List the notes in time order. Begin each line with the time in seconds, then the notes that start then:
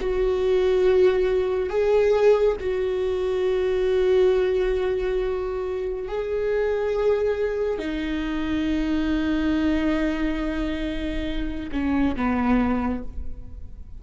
0.00 F#4
1.70 G#4
2.60 F#4
6.08 G#4
7.79 D#4
11.72 C#4
12.16 B3